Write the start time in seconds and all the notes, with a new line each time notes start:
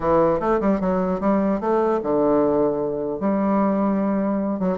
0.00 E3
0.39 A3
0.60 G3
0.80 F#3
1.20 G3
1.60 A3
2.03 D3
3.20 G3
4.59 F#3